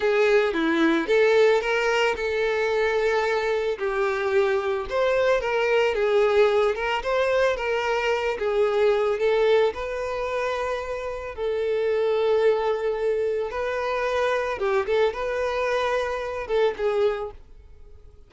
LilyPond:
\new Staff \with { instrumentName = "violin" } { \time 4/4 \tempo 4 = 111 gis'4 e'4 a'4 ais'4 | a'2. g'4~ | g'4 c''4 ais'4 gis'4~ | gis'8 ais'8 c''4 ais'4. gis'8~ |
gis'4 a'4 b'2~ | b'4 a'2.~ | a'4 b'2 g'8 a'8 | b'2~ b'8 a'8 gis'4 | }